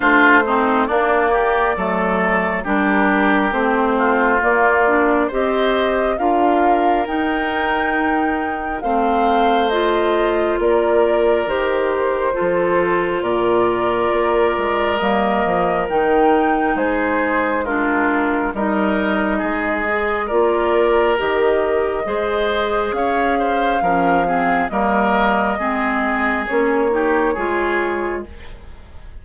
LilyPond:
<<
  \new Staff \with { instrumentName = "flute" } { \time 4/4 \tempo 4 = 68 c''4 d''2 ais'4 | c''4 d''4 dis''4 f''4 | g''2 f''4 dis''4 | d''4 c''2 d''4~ |
d''4 dis''4 g''4 c''4 | ais'4 dis''2 d''4 | dis''2 f''2 | dis''2 cis''2 | }
  \new Staff \with { instrumentName = "oboe" } { \time 4/4 f'8 dis'8 d'8 g'8 a'4 g'4~ | g'8 f'4. c''4 ais'4~ | ais'2 c''2 | ais'2 a'4 ais'4~ |
ais'2. gis'4 | f'4 ais'4 gis'4 ais'4~ | ais'4 c''4 cis''8 c''8 ais'8 gis'8 | ais'4 gis'4. g'8 gis'4 | }
  \new Staff \with { instrumentName = "clarinet" } { \time 4/4 d'8 c'8 ais4 a4 d'4 | c'4 ais8 d'8 g'4 f'4 | dis'2 c'4 f'4~ | f'4 g'4 f'2~ |
f'4 ais4 dis'2 | d'4 dis'4. gis'8 f'4 | g'4 gis'2 cis'8 c'8 | ais4 c'4 cis'8 dis'8 f'4 | }
  \new Staff \with { instrumentName = "bassoon" } { \time 4/4 a4 ais4 fis4 g4 | a4 ais4 c'4 d'4 | dis'2 a2 | ais4 dis4 f4 ais,4 |
ais8 gis8 g8 f8 dis4 gis4~ | gis4 g4 gis4 ais4 | dis4 gis4 cis'4 f4 | g4 gis4 ais4 gis4 | }
>>